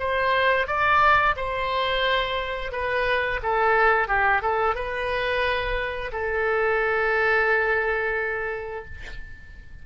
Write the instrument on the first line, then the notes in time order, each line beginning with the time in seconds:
oboe
0.00 C5
0.68 D5
1.37 C5
2.72 B4
3.43 A4
4.08 G4
4.42 A4
4.75 B4
6.13 A4